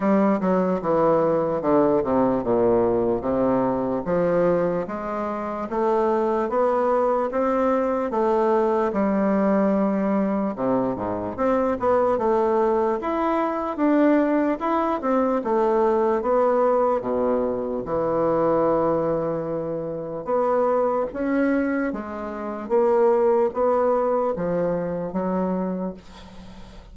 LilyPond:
\new Staff \with { instrumentName = "bassoon" } { \time 4/4 \tempo 4 = 74 g8 fis8 e4 d8 c8 ais,4 | c4 f4 gis4 a4 | b4 c'4 a4 g4~ | g4 c8 gis,8 c'8 b8 a4 |
e'4 d'4 e'8 c'8 a4 | b4 b,4 e2~ | e4 b4 cis'4 gis4 | ais4 b4 f4 fis4 | }